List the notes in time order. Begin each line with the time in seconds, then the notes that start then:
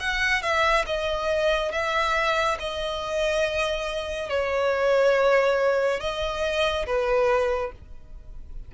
0.00 F#5
0.42 E5
0.87 D#5
1.72 E5
2.60 D#5
4.30 C#5
6.00 D#5
6.86 B4